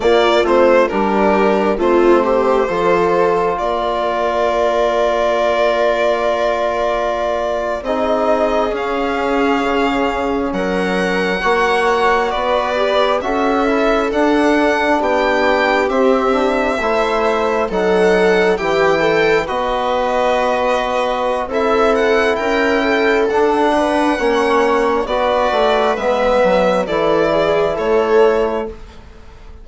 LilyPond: <<
  \new Staff \with { instrumentName = "violin" } { \time 4/4 \tempo 4 = 67 d''8 c''8 ais'4 c''2 | d''1~ | d''8. dis''4 f''2 fis''16~ | fis''4.~ fis''16 d''4 e''4 fis''16~ |
fis''8. g''4 e''2 fis''16~ | fis''8. g''4 dis''2~ dis''16 | e''8 fis''8 g''4 fis''2 | d''4 e''4 d''4 cis''4 | }
  \new Staff \with { instrumentName = "viola" } { \time 4/4 f'4 g'4 f'8 g'8 a'4 | ais'1~ | ais'8. gis'2. ais'16~ | ais'8. cis''4 b'4 a'4~ a'16~ |
a'8. g'2 c''4 a'16~ | a'8. g'8 a'8 b'2~ b'16 | a'4 ais'8 a'4 b'8 cis''4 | b'2 a'8 gis'8 a'4 | }
  \new Staff \with { instrumentName = "trombone" } { \time 4/4 ais8 c'8 d'4 c'4 f'4~ | f'1~ | f'8. dis'4 cis'2~ cis'16~ | cis'8. fis'4. g'8 fis'8 e'8 d'16~ |
d'4.~ d'16 c'8 d'8 e'4 dis'16~ | dis'8. e'4 fis'2~ fis'16 | e'2 d'4 cis'4 | fis'4 b4 e'2 | }
  \new Staff \with { instrumentName = "bassoon" } { \time 4/4 ais8 a8 g4 a4 f4 | ais1~ | ais8. c'4 cis'4 cis4 fis16~ | fis8. ais4 b4 cis'4 d'16~ |
d'8. b4 c'4 a4 fis16~ | fis8. e4 b2~ b16 | c'4 cis'4 d'4 ais4 | b8 a8 gis8 fis8 e4 a4 | }
>>